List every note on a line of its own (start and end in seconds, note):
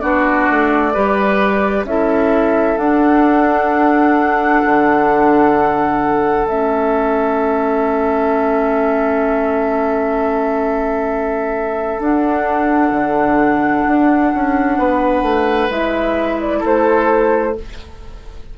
0.00 0.48 B3
0.00 0.93 D4
0.00 0.93 F#4
0.00 1.85 D5
0.50 0.96 A3
0.93 1.84 G3
0.93 1.86 G4
0.93 1.86 B4
1.84 2.76 C#4
1.84 2.78 E4
1.84 14.78 A4
1.84 2.78 E5
2.78 6.47 D4
2.78 4.63 D4
2.78 6.47 F#5
4.65 6.45 D3
6.45 11.99 A3
6.45 12.00 C#4
6.45 12.02 E5
11.99 12.92 D4
11.99 15.69 D4
11.99 15.71 F#5
12.92 13.84 D3
13.87 14.34 D4
14.34 14.78 C#4
14.78 15.22 B3
14.78 16.60 B4
15.22 15.69 A3
15.70 16.62 G#3
15.70 17.55 E4
15.70 16.40 E5
16.41 16.64 D5
16.60 17.57 A3
16.60 17.52 A4
16.60 17.58 C5